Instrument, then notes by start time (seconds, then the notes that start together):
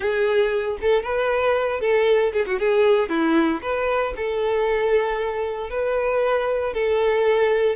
violin
0.00 G#4
0.81 A4
1.02 B4
1.80 A4
2.33 G#4
2.46 F#4
2.59 G#4
3.09 E4
3.62 B4
4.16 A4
5.70 B4
6.73 A4